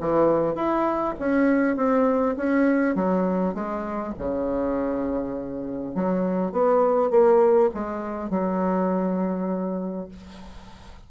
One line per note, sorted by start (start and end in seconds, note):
0.00 0.55 E3
0.55 1.14 E4
1.19 1.76 C#4
1.76 2.35 C4
2.37 2.95 C#4
2.95 3.54 F#3
3.54 4.13 G#3
4.18 5.95 C#3
5.95 6.52 F#3
6.52 7.10 B3
7.10 7.70 A#3
7.74 8.30 G#3
8.30 10.08 F#3